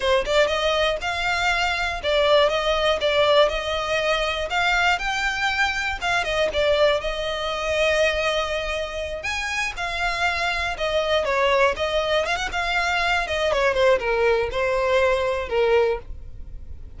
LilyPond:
\new Staff \with { instrumentName = "violin" } { \time 4/4 \tempo 4 = 120 c''8 d''8 dis''4 f''2 | d''4 dis''4 d''4 dis''4~ | dis''4 f''4 g''2 | f''8 dis''8 d''4 dis''2~ |
dis''2~ dis''8 gis''4 f''8~ | f''4. dis''4 cis''4 dis''8~ | dis''8 f''16 fis''16 f''4. dis''8 cis''8 c''8 | ais'4 c''2 ais'4 | }